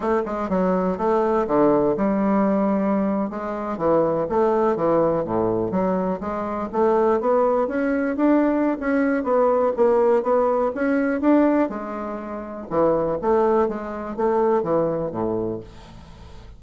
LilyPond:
\new Staff \with { instrumentName = "bassoon" } { \time 4/4 \tempo 4 = 123 a8 gis8 fis4 a4 d4 | g2~ g8. gis4 e16~ | e8. a4 e4 a,4 fis16~ | fis8. gis4 a4 b4 cis'16~ |
cis'8. d'4~ d'16 cis'4 b4 | ais4 b4 cis'4 d'4 | gis2 e4 a4 | gis4 a4 e4 a,4 | }